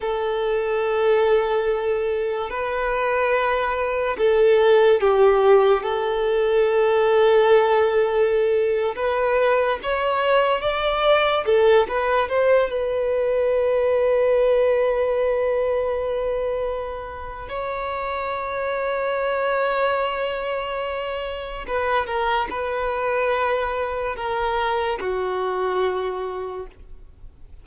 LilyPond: \new Staff \with { instrumentName = "violin" } { \time 4/4 \tempo 4 = 72 a'2. b'4~ | b'4 a'4 g'4 a'4~ | a'2~ a'8. b'4 cis''16~ | cis''8. d''4 a'8 b'8 c''8 b'8.~ |
b'1~ | b'4 cis''2.~ | cis''2 b'8 ais'8 b'4~ | b'4 ais'4 fis'2 | }